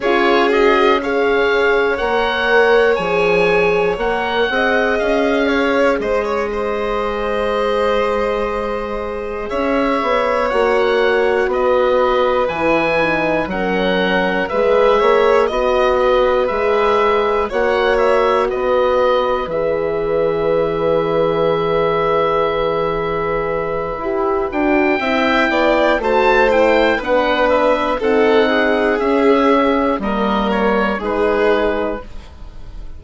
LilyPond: <<
  \new Staff \with { instrumentName = "oboe" } { \time 4/4 \tempo 4 = 60 cis''8 dis''8 f''4 fis''4 gis''4 | fis''4 f''4 dis''2~ | dis''4. e''4 fis''4 dis''8~ | dis''8 gis''4 fis''4 e''4 dis''8~ |
dis''8 e''4 fis''8 e''8 dis''4 e''8~ | e''1~ | e''8 g''4. a''8 g''8 fis''8 e''8 | fis''4 e''4 dis''8 cis''8 b'4 | }
  \new Staff \with { instrumentName = "violin" } { \time 4/4 gis'4 cis''2.~ | cis''8 dis''4 cis''8 c''16 cis''16 c''4.~ | c''4. cis''2 b'8~ | b'4. ais'4 b'8 cis''8 dis''8 |
b'4. cis''4 b'4.~ | b'1~ | b'4 e''8 d''8 c''4 b'4 | a'8 gis'4. ais'4 gis'4 | }
  \new Staff \with { instrumentName = "horn" } { \time 4/4 f'8 fis'8 gis'4 ais'4 gis'4 | ais'8 gis'2.~ gis'8~ | gis'2~ gis'8 fis'4.~ | fis'8 e'8 dis'8 cis'4 gis'4 fis'8~ |
fis'8 gis'4 fis'2 gis'8~ | gis'1 | g'8 fis'8 e'4 fis'8 e'8 d'4 | dis'4 cis'4 ais4 dis'4 | }
  \new Staff \with { instrumentName = "bassoon" } { \time 4/4 cis'2 ais4 f4 | ais8 c'8 cis'4 gis2~ | gis4. cis'8 b8 ais4 b8~ | b8 e4 fis4 gis8 ais8 b8~ |
b8 gis4 ais4 b4 e8~ | e1 | e'8 d'8 c'8 b8 a4 b4 | c'4 cis'4 g4 gis4 | }
>>